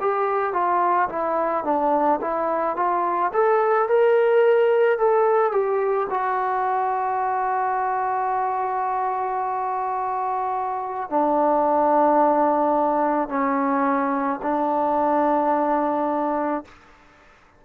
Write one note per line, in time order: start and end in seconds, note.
0.00 0.53 G4
0.53 1.08 F4
1.09 1.64 E4
1.64 2.20 D4
2.21 2.76 E4
2.76 3.31 F4
3.33 3.88 A4
3.88 4.98 A#4
4.98 5.52 A4
5.52 6.07 G4
6.09 11.09 F#4
11.09 13.28 D4
13.28 14.39 C#4
14.42 16.64 D4